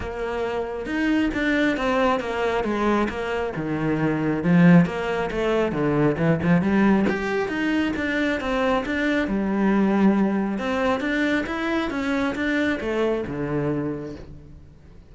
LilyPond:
\new Staff \with { instrumentName = "cello" } { \time 4/4 \tempo 4 = 136 ais2 dis'4 d'4 | c'4 ais4 gis4 ais4 | dis2 f4 ais4 | a4 d4 e8 f8 g4 |
g'4 dis'4 d'4 c'4 | d'4 g2. | c'4 d'4 e'4 cis'4 | d'4 a4 d2 | }